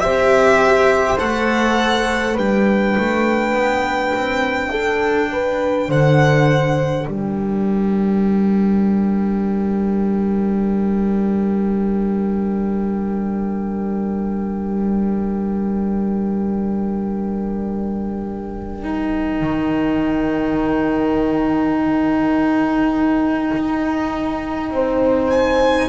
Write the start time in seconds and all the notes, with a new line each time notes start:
0.00 C4 G4 C5 E5
1.18 A3 A4 F#5
2.34 G3 D4 B4 G5
2.98 A3
3.53 B3
4.15 C4
4.71 D4 A4
5.32 B4
5.88 D3 C5 F#5
7.07 G3 A#4 G5
18.83 D#4
19.41 D#3
23.56 D#4
24.71 C4 C5
25.30 G#5